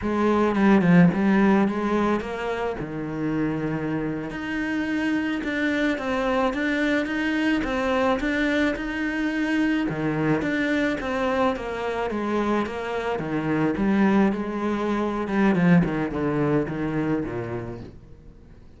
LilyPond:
\new Staff \with { instrumentName = "cello" } { \time 4/4 \tempo 4 = 108 gis4 g8 f8 g4 gis4 | ais4 dis2~ dis8. dis'16~ | dis'4.~ dis'16 d'4 c'4 d'16~ | d'8. dis'4 c'4 d'4 dis'16~ |
dis'4.~ dis'16 dis4 d'4 c'16~ | c'8. ais4 gis4 ais4 dis16~ | dis8. g4 gis4.~ gis16 g8 | f8 dis8 d4 dis4 ais,4 | }